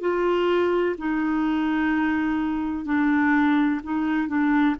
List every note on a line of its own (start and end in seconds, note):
0.00 0.95 F4
0.97 2.85 D#4
2.85 3.80 D4
3.83 4.28 D#4
4.28 4.75 D4